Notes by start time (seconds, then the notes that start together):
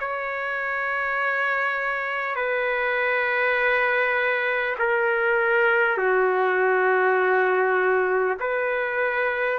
0.00 C#5
2.36 B4
4.79 A#4
5.98 F#4
8.40 B4